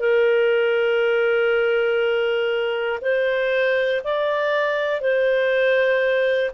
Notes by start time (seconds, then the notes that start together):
0.00 A#4
3.01 C5
4.04 D5
5.01 C5